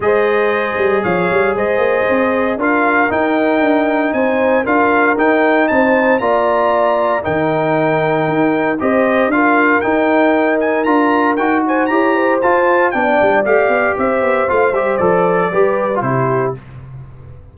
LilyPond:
<<
  \new Staff \with { instrumentName = "trumpet" } { \time 4/4 \tempo 4 = 116 dis''2 f''4 dis''4~ | dis''4 f''4 g''2 | gis''4 f''4 g''4 a''4 | ais''2 g''2~ |
g''4 dis''4 f''4 g''4~ | g''8 gis''8 ais''4 g''8 gis''8 ais''4 | a''4 g''4 f''4 e''4 | f''8 e''8 d''2 c''4 | }
  \new Staff \with { instrumentName = "horn" } { \time 4/4 c''2 cis''4 c''4~ | c''4 ais'2. | c''4 ais'2 c''4 | d''2 ais'2~ |
ais'4 c''4 ais'2~ | ais'2~ ais'8 c''8 cis''8 c''8~ | c''4 d''2 c''4~ | c''2 b'4 g'4 | }
  \new Staff \with { instrumentName = "trombone" } { \time 4/4 gis'1~ | gis'4 f'4 dis'2~ | dis'4 f'4 dis'2 | f'2 dis'2~ |
dis'4 g'4 f'4 dis'4~ | dis'4 f'4 fis'4 g'4 | f'4 d'4 g'2 | f'8 g'8 a'4 g'8. f'16 e'4 | }
  \new Staff \with { instrumentName = "tuba" } { \time 4/4 gis4. g8 f8 g8 gis8 ais8 | c'4 d'4 dis'4 d'4 | c'4 d'4 dis'4 c'4 | ais2 dis2 |
dis'4 c'4 d'4 dis'4~ | dis'4 d'4 dis'4 e'4 | f'4 b8 g8 a8 b8 c'8 b8 | a8 g8 f4 g4 c4 | }
>>